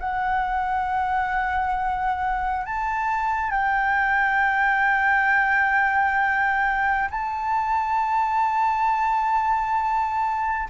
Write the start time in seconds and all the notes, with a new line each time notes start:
0.00 F#5
2.66 A5
3.51 G5
7.11 A5